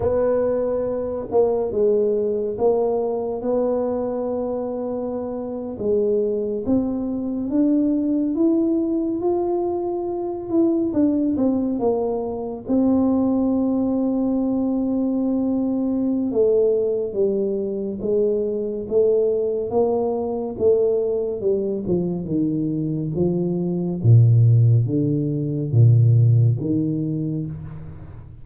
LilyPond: \new Staff \with { instrumentName = "tuba" } { \time 4/4 \tempo 4 = 70 b4. ais8 gis4 ais4 | b2~ b8. gis4 c'16~ | c'8. d'4 e'4 f'4~ f'16~ | f'16 e'8 d'8 c'8 ais4 c'4~ c'16~ |
c'2. a4 | g4 gis4 a4 ais4 | a4 g8 f8 dis4 f4 | ais,4 d4 ais,4 dis4 | }